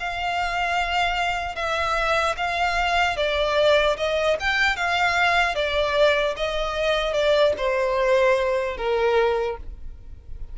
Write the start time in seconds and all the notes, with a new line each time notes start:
0.00 F5
1.56 E5
2.37 F5
3.17 D5
3.97 D#5
4.40 G5
4.77 F5
5.56 D5
6.37 D#5
7.14 D5
7.58 C5
8.77 A#4